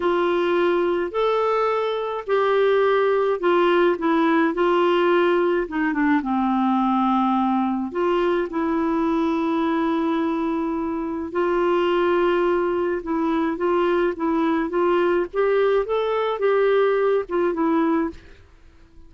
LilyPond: \new Staff \with { instrumentName = "clarinet" } { \time 4/4 \tempo 4 = 106 f'2 a'2 | g'2 f'4 e'4 | f'2 dis'8 d'8 c'4~ | c'2 f'4 e'4~ |
e'1 | f'2. e'4 | f'4 e'4 f'4 g'4 | a'4 g'4. f'8 e'4 | }